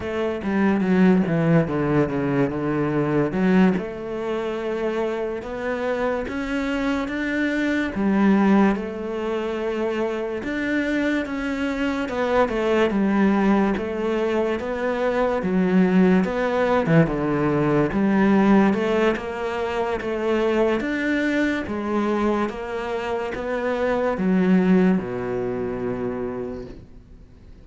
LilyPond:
\new Staff \with { instrumentName = "cello" } { \time 4/4 \tempo 4 = 72 a8 g8 fis8 e8 d8 cis8 d4 | fis8 a2 b4 cis'8~ | cis'8 d'4 g4 a4.~ | a8 d'4 cis'4 b8 a8 g8~ |
g8 a4 b4 fis4 b8~ | b16 e16 d4 g4 a8 ais4 | a4 d'4 gis4 ais4 | b4 fis4 b,2 | }